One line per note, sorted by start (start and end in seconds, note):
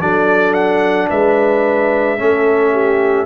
0.00 1.09 F#3
0.00 2.18 D4
0.00 1.09 A4
0.00 0.53 D5
0.53 1.08 F#5
1.09 2.20 G#3
1.09 2.18 B4
1.09 3.25 E5
2.18 3.25 A3
2.18 3.25 C#4
2.18 2.72 A4
2.72 3.25 G4